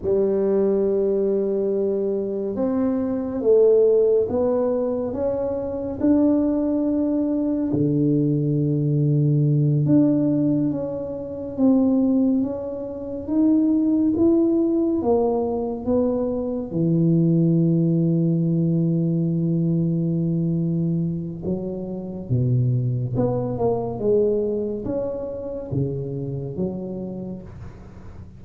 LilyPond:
\new Staff \with { instrumentName = "tuba" } { \time 4/4 \tempo 4 = 70 g2. c'4 | a4 b4 cis'4 d'4~ | d'4 d2~ d8 d'8~ | d'8 cis'4 c'4 cis'4 dis'8~ |
dis'8 e'4 ais4 b4 e8~ | e1~ | e4 fis4 b,4 b8 ais8 | gis4 cis'4 cis4 fis4 | }